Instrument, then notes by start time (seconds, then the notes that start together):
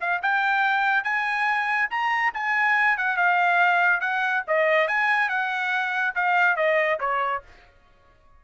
trumpet
0.00 F5
0.22 G5
1.04 G#5
1.90 A#5
2.34 G#5
2.97 F#5
3.17 F5
4.00 F#5
4.47 D#5
4.87 G#5
5.29 F#5
6.15 F5
6.56 D#5
7.00 C#5